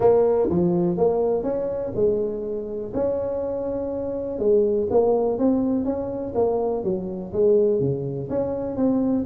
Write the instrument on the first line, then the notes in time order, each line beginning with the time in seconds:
tuba
0.00 A#3
0.49 F3
0.97 A#3
1.43 C#4
1.95 G#3
2.94 C#4
4.38 G#3
4.90 A#3
5.38 C4
5.84 C#4
6.34 A#3
6.83 F#3
7.32 G#3
7.80 C#3
8.29 C#4
8.76 C4